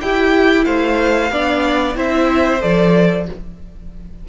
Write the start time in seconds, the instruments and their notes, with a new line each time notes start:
0.00 viola E4, cello E4, violin G4 G5
0.64 cello A3, violin C5 F5
1.30 cello B3, viola D4, violin D5
1.94 cello C4, viola E4, violin C5 E5
2.60 cello F3, viola A4, violin D5